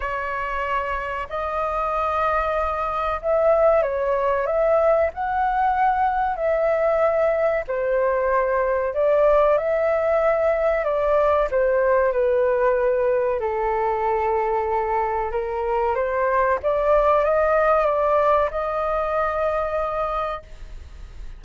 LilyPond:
\new Staff \with { instrumentName = "flute" } { \time 4/4 \tempo 4 = 94 cis''2 dis''2~ | dis''4 e''4 cis''4 e''4 | fis''2 e''2 | c''2 d''4 e''4~ |
e''4 d''4 c''4 b'4~ | b'4 a'2. | ais'4 c''4 d''4 dis''4 | d''4 dis''2. | }